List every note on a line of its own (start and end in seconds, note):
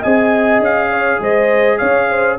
0.00 0.60 C4
0.00 2.39 G#4
0.00 0.88 D#5
0.00 0.62 G#5
0.60 1.19 C#4
0.60 1.23 F5
0.90 1.20 C#5
1.20 1.79 G#3
1.20 1.78 C5
1.20 1.78 D#5
1.78 2.39 C#4
1.78 2.08 C#5
1.78 2.37 F5
2.10 2.39 C5